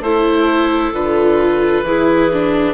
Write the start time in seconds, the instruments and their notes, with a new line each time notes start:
0.00 bassoon A3, viola E4, clarinet A4, oboe C5
0.93 bassoon D3, viola F4, oboe B4
1.83 bassoon E3, viola E4, clarinet G#4
2.32 viola D4